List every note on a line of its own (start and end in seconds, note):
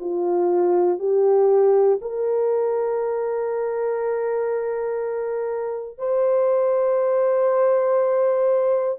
0.00 0.99 F4
0.99 1.99 G4
2.01 5.98 A#4
5.98 8.98 C5